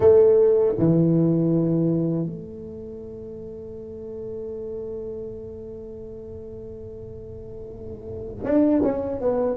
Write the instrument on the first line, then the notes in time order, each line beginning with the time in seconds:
tuba
0.00 A3
0.78 E3
2.25 A3
8.43 D4
8.83 C#4
9.20 B3